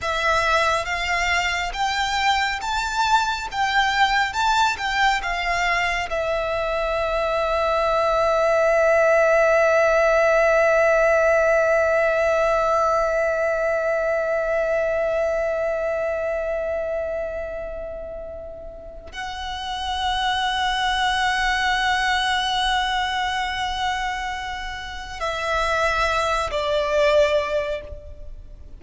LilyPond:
\new Staff \with { instrumentName = "violin" } { \time 4/4 \tempo 4 = 69 e''4 f''4 g''4 a''4 | g''4 a''8 g''8 f''4 e''4~ | e''1~ | e''1~ |
e''1~ | e''2 fis''2~ | fis''1~ | fis''4 e''4. d''4. | }